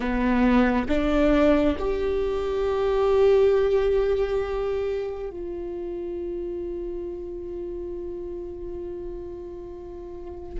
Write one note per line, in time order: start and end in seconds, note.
0.00 0.87 B3
0.88 1.76 D4
1.78 5.29 G4
5.29 10.59 F4